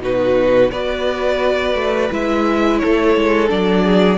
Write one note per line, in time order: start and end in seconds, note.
0.00 0.70 B2
0.00 0.72 D#4
0.00 0.72 F#4
0.00 0.72 B4
0.72 1.75 B3
0.72 2.11 F#4
0.72 2.81 B4
0.72 2.11 D5
1.75 2.10 A3
2.11 2.82 G#3
2.11 3.48 E4
2.11 2.79 E5
2.79 3.17 A3
2.79 3.85 A4
2.79 3.49 C#5
3.17 3.51 G#3
3.48 4.19 F#3
3.48 4.18 D4
3.48 4.19 D5
3.85 4.19 G#4